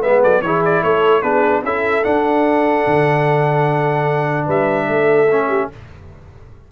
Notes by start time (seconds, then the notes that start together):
0.00 G#3 B3 B4 E5
0.22 F#3 A4 D5
0.41 E3 E4 G#4 C#5
0.64 D5
0.83 A3 A4 C#5
1.21 B3 D4 G#4 B4
1.63 C#4 E4 A4 E5
2.03 D4 F#5
2.86 D3
4.45 G3 B4 E5
4.87 A3 A4
5.31 C#4
5.48 G4